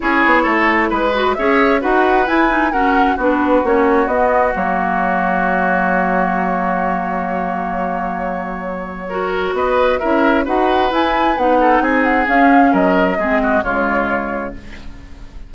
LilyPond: <<
  \new Staff \with { instrumentName = "flute" } { \time 4/4 \tempo 4 = 132 cis''2 b'4 e''4 | fis''4 gis''4 fis''4 b'4 | cis''4 dis''4 cis''2~ | cis''1~ |
cis''1~ | cis''4 dis''4 e''4 fis''4 | gis''4 fis''4 gis''8 fis''8 f''4 | dis''2 cis''2 | }
  \new Staff \with { instrumentName = "oboe" } { \time 4/4 gis'4 a'4 b'4 cis''4 | b'2 ais'4 fis'4~ | fis'1~ | fis'1~ |
fis'1 | ais'4 b'4 ais'4 b'4~ | b'4. a'8 gis'2 | ais'4 gis'8 fis'8 f'2 | }
  \new Staff \with { instrumentName = "clarinet" } { \time 4/4 e'2~ e'8 fis'8 gis'4 | fis'4 e'8 dis'8 cis'4 d'4 | cis'4 b4 ais2~ | ais1~ |
ais1 | fis'2 e'4 fis'4 | e'4 dis'2 cis'4~ | cis'4 c'4 gis2 | }
  \new Staff \with { instrumentName = "bassoon" } { \time 4/4 cis'8 b8 a4 gis4 cis'4 | dis'4 e'4 fis'4 b4 | ais4 b4 fis2~ | fis1~ |
fis1~ | fis4 b4 cis'4 dis'4 | e'4 b4 c'4 cis'4 | fis4 gis4 cis2 | }
>>